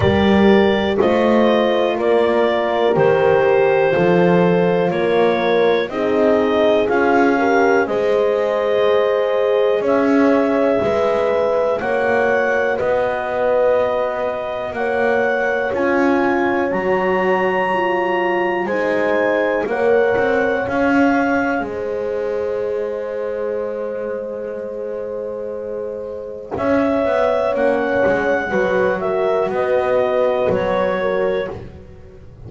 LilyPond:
<<
  \new Staff \with { instrumentName = "clarinet" } { \time 4/4 \tempo 4 = 61 d''4 dis''4 d''4 c''4~ | c''4 cis''4 dis''4 f''4 | dis''2 e''2 | fis''4 dis''2 fis''4 |
gis''4 ais''2 gis''4 | fis''4 f''4 dis''2~ | dis''2. e''4 | fis''4. e''8 dis''4 cis''4 | }
  \new Staff \with { instrumentName = "horn" } { \time 4/4 ais'4 c''4 ais'2 | a'4 ais'4 gis'4. ais'8 | c''2 cis''4 b'4 | cis''4 b'2 cis''4~ |
cis''2. c''4 | cis''2 c''2~ | c''2. cis''4~ | cis''4 b'8 ais'8 b'4. ais'8 | }
  \new Staff \with { instrumentName = "horn" } { \time 4/4 g'4 f'2 g'4 | f'2 dis'4 f'8 g'8 | gis'1 | fis'1 |
f'4 fis'4 f'4 dis'4 | ais'4 gis'2.~ | gis'1 | cis'4 fis'2. | }
  \new Staff \with { instrumentName = "double bass" } { \time 4/4 g4 a4 ais4 dis4 | f4 ais4 c'4 cis'4 | gis2 cis'4 gis4 | ais4 b2 ais4 |
cis'4 fis2 gis4 | ais8 c'8 cis'4 gis2~ | gis2. cis'8 b8 | ais8 gis8 fis4 b4 fis4 | }
>>